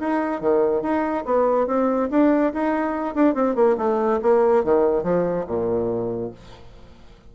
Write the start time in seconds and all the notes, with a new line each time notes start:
0.00 D#4
0.41 D#3
0.83 D#4
1.26 B3
1.67 C4
2.11 D4
2.54 D#4
3.15 D4
3.35 C4
3.56 A#3
3.78 A3
4.23 A#3
4.65 D#3
5.04 F3
5.47 A#2